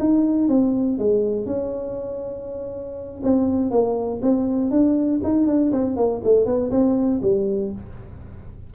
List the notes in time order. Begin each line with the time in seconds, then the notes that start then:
0.00 D#4
0.49 C4
0.99 G#3
1.46 C#4
3.23 C4
3.71 A#3
4.22 C4
4.71 D4
5.24 D#4
5.47 D4
5.72 C4
5.97 A#3
6.24 A3
6.46 B3
6.71 C4
7.22 G3